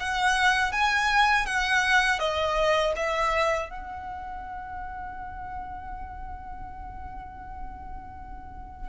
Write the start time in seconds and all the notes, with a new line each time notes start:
0.00 F#5
0.72 G#5
1.46 F#5
2.20 D#5
2.96 E5
3.70 F#5